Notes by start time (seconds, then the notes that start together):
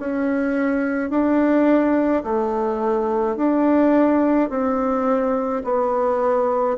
0.00 C#4
1.10 D4
2.24 A3
3.37 D4
4.50 C4
5.64 B3